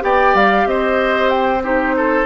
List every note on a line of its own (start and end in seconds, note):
0.00 0.34 B3
0.00 1.60 G4
0.00 0.67 D5
0.00 0.36 G5
0.34 0.65 G3
0.34 0.68 F5
0.65 2.25 C4
0.65 1.63 C5
0.65 1.29 D#5
1.29 1.61 G5
1.63 2.25 D#4
1.63 1.95 G4
1.63 2.25 C5
1.97 2.25 A4